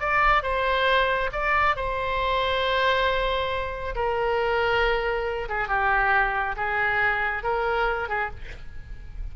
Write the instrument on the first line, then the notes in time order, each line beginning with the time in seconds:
oboe
0.00 D5
0.43 C5
1.32 D5
1.76 C5
3.95 A#4
5.49 G#4
5.68 G4
6.56 G#4
7.43 A#4
8.09 G#4